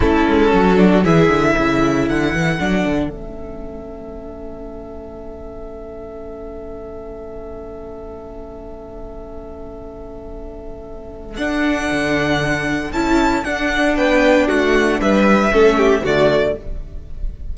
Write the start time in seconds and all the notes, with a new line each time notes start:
0.00 A3 C#4 E4 A4
0.28 G#3
0.53 F#3 F#4
0.77 D4
1.03 E3 E4 G#4 E5
1.28 D3
1.53 C#3 A4
2.08 D3 F#5
2.33 E3
2.59 F#3 D4
2.85 D3
3.09 A3 C#4 E5
11.36 D4 F#5
11.91 D3
12.92 C#4 E4 A5
13.44 D4 F#5
13.96 B3 B4 G5
14.47 A3 F#4 F#5
15.00 G3 B4 E5
15.50 A3 C#4 A4
15.77 G4
16.01 D3 A3 F#4 D5